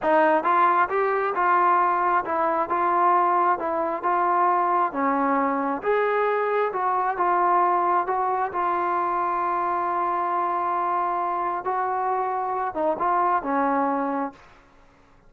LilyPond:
\new Staff \with { instrumentName = "trombone" } { \time 4/4 \tempo 4 = 134 dis'4 f'4 g'4 f'4~ | f'4 e'4 f'2 | e'4 f'2 cis'4~ | cis'4 gis'2 fis'4 |
f'2 fis'4 f'4~ | f'1~ | f'2 fis'2~ | fis'8 dis'8 f'4 cis'2 | }